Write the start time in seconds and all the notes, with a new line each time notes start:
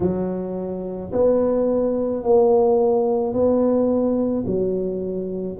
0.00 F#3
1.12 B3
2.23 A#3
3.33 B3
4.46 F#3